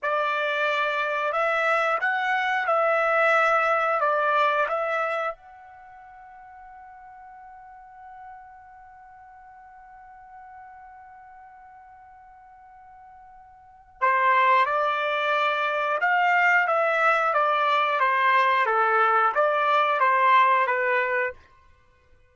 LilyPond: \new Staff \with { instrumentName = "trumpet" } { \time 4/4 \tempo 4 = 90 d''2 e''4 fis''4 | e''2 d''4 e''4 | fis''1~ | fis''1~ |
fis''1~ | fis''4 c''4 d''2 | f''4 e''4 d''4 c''4 | a'4 d''4 c''4 b'4 | }